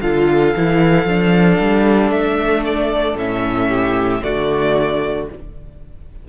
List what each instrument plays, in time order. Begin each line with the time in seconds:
0.00 cello D3, viola F4, violin A4 F5
0.56 cello E3, viola E4
1.05 cello F3, viola D4
1.60 cello G3
2.11 cello A3, violin E5
2.64 violin D5
3.15 cello A2, viola C#4, violin E5
3.68 violin G4
4.22 cello D3, viola A3, violin F#4 D5